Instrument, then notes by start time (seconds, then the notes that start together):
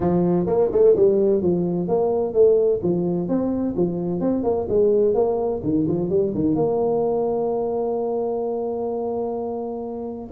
tuba
0.00 F3
0.46 A#3
0.72 A3
0.95 G3
1.42 F3
1.88 A#3
2.33 A3
2.83 F3
3.28 C4
3.76 F3
4.20 C4
4.43 A#3
4.69 G#3
5.14 A#3
5.63 D#3
5.87 F3
6.09 G3
6.34 D#3
6.55 A#3